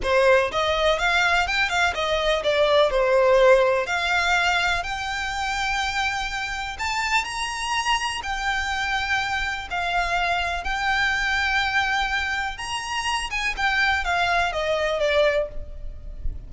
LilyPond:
\new Staff \with { instrumentName = "violin" } { \time 4/4 \tempo 4 = 124 c''4 dis''4 f''4 g''8 f''8 | dis''4 d''4 c''2 | f''2 g''2~ | g''2 a''4 ais''4~ |
ais''4 g''2. | f''2 g''2~ | g''2 ais''4. gis''8 | g''4 f''4 dis''4 d''4 | }